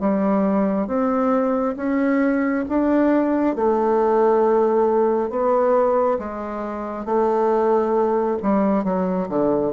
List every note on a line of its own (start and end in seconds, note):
0.00 0.87 G3
0.87 1.75 C4
1.76 2.65 C#4
2.69 3.56 D4
3.56 5.30 A3
5.30 6.18 B3
6.19 7.05 G#3
7.05 8.37 A3
8.43 8.84 G3
8.84 9.28 F#3
9.29 9.73 D3